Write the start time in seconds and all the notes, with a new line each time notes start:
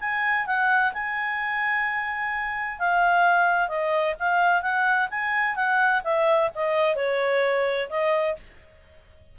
0.00 G#5
0.46 F#5
0.93 G#5
2.79 F5
3.68 D#5
4.19 F5
4.62 F#5
5.10 G#5
5.56 F#5
6.04 E5
6.55 D#5
6.96 C#5
7.90 D#5